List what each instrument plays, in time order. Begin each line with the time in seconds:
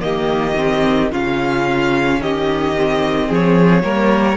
0.00 cello D#3, viola A#3, violin G4 D#5
0.57 viola C4
1.12 cello C#3, viola C#4, violin F4 F5
2.20 cello D#3, violin G4 D#5
2.76 viola C4
3.28 cello F3, violin G#4 C#5
3.84 cello G3, viola A#3, violin A#4